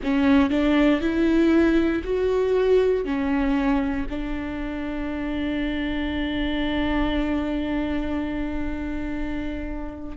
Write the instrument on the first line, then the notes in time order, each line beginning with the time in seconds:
viola
0.03 C#4
0.50 D4
1.00 E4
2.03 F#4
3.05 C#4
4.09 D4